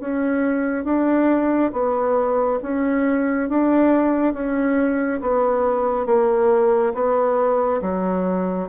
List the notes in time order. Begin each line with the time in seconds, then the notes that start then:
0.00 C#4
0.85 D4
1.73 B3
2.62 C#4
3.49 D4
4.34 C#4
5.21 B3
6.06 A#3
6.94 B3
7.82 F#3